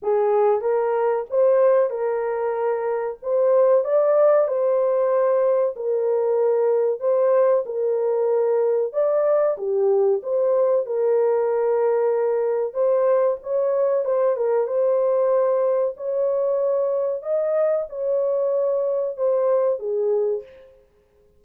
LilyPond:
\new Staff \with { instrumentName = "horn" } { \time 4/4 \tempo 4 = 94 gis'4 ais'4 c''4 ais'4~ | ais'4 c''4 d''4 c''4~ | c''4 ais'2 c''4 | ais'2 d''4 g'4 |
c''4 ais'2. | c''4 cis''4 c''8 ais'8 c''4~ | c''4 cis''2 dis''4 | cis''2 c''4 gis'4 | }